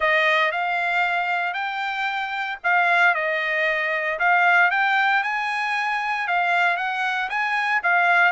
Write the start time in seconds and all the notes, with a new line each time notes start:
0.00 D#5
0.51 F5
1.53 G5
2.63 F5
3.14 D#5
4.19 F5
4.71 G5
5.23 G#5
6.28 F5
6.77 F#5
7.29 G#5
7.83 F5